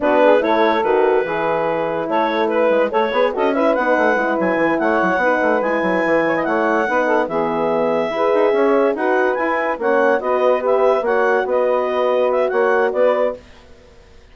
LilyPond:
<<
  \new Staff \with { instrumentName = "clarinet" } { \time 4/4 \tempo 4 = 144 b'4 cis''4 b'2~ | b'4 cis''4 b'4 cis''4 | dis''8 e''8 fis''4. gis''4 fis''8~ | fis''4. gis''2 fis''8~ |
fis''4. e''2~ e''8~ | e''4. fis''4 gis''4 fis''8~ | fis''8 dis''4 e''4 fis''4 dis''8~ | dis''4. e''8 fis''4 d''4 | }
  \new Staff \with { instrumentName = "saxophone" } { \time 4/4 fis'8 gis'8 a'2 gis'4~ | gis'4 a'4 b'4 a'8 b'8 | a'8 b'2. cis''8~ | cis''8 b'2~ b'8 cis''16 dis''16 cis''8~ |
cis''8 b'8 a'8 gis'2 b'8~ | b'8 cis''4 b'2 cis''8~ | cis''8 b'2 cis''4 b'8~ | b'2 cis''4 b'4 | }
  \new Staff \with { instrumentName = "horn" } { \time 4/4 d'4 e'4 fis'4 e'4~ | e'2. a'8 gis'8 | fis'8 e'8 dis'4 e'2~ | e'8 dis'4 e'2~ e'8~ |
e'8 dis'4 b2 gis'8~ | gis'4. fis'4 e'4 cis'8~ | cis'8 fis'4 g'4 fis'4.~ | fis'1 | }
  \new Staff \with { instrumentName = "bassoon" } { \time 4/4 b4 a4 dis4 e4~ | e4 a4. gis8 a8 b8 | cis'4 b8 a8 gis8 fis8 e8 a8 | fis8 b8 a8 gis8 fis8 e4 a8~ |
a8 b4 e2 e'8 | dis'8 cis'4 dis'4 e'4 ais8~ | ais8 b2 ais4 b8~ | b2 ais4 b4 | }
>>